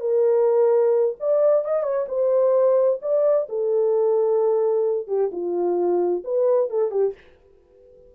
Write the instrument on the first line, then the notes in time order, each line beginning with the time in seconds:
horn
0.00 A#4
1.19 D5
1.64 D#5
1.83 C#5
2.08 C5
3.01 D5
3.49 A4
5.07 G4
5.32 F4
6.24 B4
6.70 A4
6.91 G4